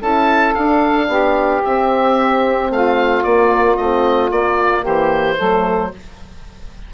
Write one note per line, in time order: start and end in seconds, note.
0.00 0.54 C#4
0.00 0.56 E4
0.00 1.07 A4
0.00 0.54 A5
0.54 1.08 D4
0.54 1.64 D4
0.54 1.62 F5
1.08 1.61 B3
1.08 2.70 G4
1.64 3.24 C4
1.64 2.70 C4
1.64 2.72 E5
2.70 3.23 A3
2.70 4.82 F4
2.70 3.23 F5
3.23 3.78 A#3
3.23 3.76 D5
3.76 4.31 A3
3.76 4.30 C4
3.76 4.30 D#5
4.30 5.37 A#3
4.30 4.85 A#3
4.30 4.85 D5
4.82 5.39 E3
4.82 5.36 G4
4.82 5.92 C5
5.37 5.93 F#3
5.37 5.91 A3
5.37 5.91 A4